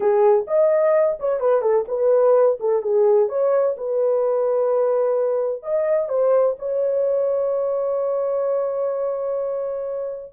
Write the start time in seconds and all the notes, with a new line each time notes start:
0.00 G#4
0.47 D#5
1.19 C#5
1.40 B4
1.61 A4
1.88 B4
2.60 A4
2.81 G#4
3.29 C#5
3.77 B4
5.62 D#5
6.09 C5
6.58 C#5